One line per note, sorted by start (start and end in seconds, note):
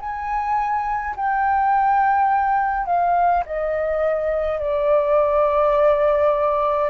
0.00 1.15 G#5
1.16 2.86 G5
2.86 3.44 F5
3.46 4.59 D#5
4.59 6.90 D5